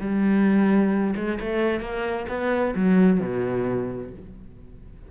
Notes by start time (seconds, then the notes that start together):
0.00 G3
1.16 G#3
1.40 A3
1.80 A#3
2.28 B3
2.75 F#3
3.20 B2